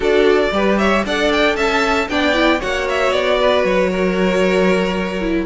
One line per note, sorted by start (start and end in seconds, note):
0.00 0.50 D4
0.00 0.51 F#4
0.00 0.51 A4
0.00 0.77 D5
0.51 1.03 G3
0.51 1.05 G4
0.51 0.79 B4
0.77 1.05 C#5
0.77 1.04 E5
1.04 1.55 D4
1.04 2.09 A4
1.04 1.56 D5
1.04 1.31 F#5
1.31 1.56 G5
1.55 2.07 C#4
1.55 2.08 E5
1.55 2.08 A5
2.08 2.60 B3
2.08 2.33 D4
2.08 2.59 D5
2.08 2.61 G5
2.33 2.59 E4
2.59 3.11 A#3
2.59 5.21 F#4
2.59 3.37 C#5
2.59 2.87 F#5
2.89 3.12 E5
3.11 3.64 B3
3.11 3.64 D5
3.40 3.90 B4
3.64 5.46 F#3
3.64 5.46 C#5
3.90 5.46 A#4
5.21 5.46 E4